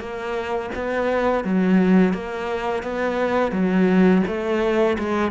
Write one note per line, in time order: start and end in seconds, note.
0.00 0.71 A#3
0.75 1.44 B3
1.44 2.13 F#3
2.13 2.83 A#3
2.83 3.52 B3
3.52 4.23 F#3
4.27 4.98 A3
4.99 5.31 G#3